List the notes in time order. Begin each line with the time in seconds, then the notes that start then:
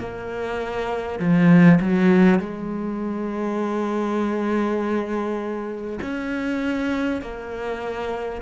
0.00 A#3
1.19 F3
1.81 F#3
2.39 G#3
6.02 C#4
7.22 A#3